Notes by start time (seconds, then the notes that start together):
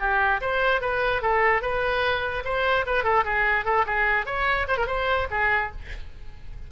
0.00 G4
0.41 C5
0.81 B4
1.22 A4
1.62 B4
2.45 C5
2.86 B4
3.04 A4
3.25 G#4
3.65 A4
3.86 G#4
4.26 C#5
4.68 C5
4.78 A#4
4.87 C5
5.31 G#4